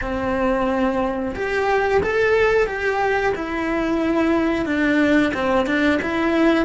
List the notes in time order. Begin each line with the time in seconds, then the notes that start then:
0.01 C4
1.35 G4
2.02 A4
2.66 G4
3.35 E4
4.65 D4
5.34 C4
5.66 D4
6.02 E4